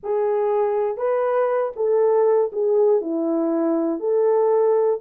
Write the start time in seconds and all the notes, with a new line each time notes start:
0.03 G#4
0.97 B4
1.76 A4
2.52 G#4
3.01 E4
3.99 A4